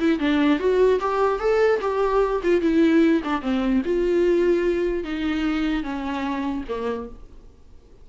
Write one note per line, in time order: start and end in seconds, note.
0.00 0.19 E4
0.19 0.59 D4
0.59 1.00 F#4
1.00 1.40 G4
1.40 1.80 A4
1.81 2.42 G4
2.43 2.62 F4
2.62 3.22 E4
3.24 3.42 D4
3.42 3.82 C4
3.85 5.04 F4
5.04 5.83 D#4
5.83 6.64 C#4
6.69 7.09 A#3